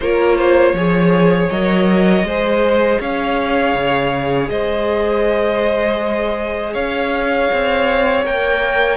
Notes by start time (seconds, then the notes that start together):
0.00 A#3 F4 A#4 C#5
0.36 C5
0.73 F3 G#4 C#5
1.49 F#3 A#4 D#5
2.23 G#3 G#4 C5
3.00 C#4 C#5 F5
3.74 C#3
4.49 G#3 C5 D#5
6.73 C#4 C#5 F5
7.52 C4
8.24 A#3 A#4 G5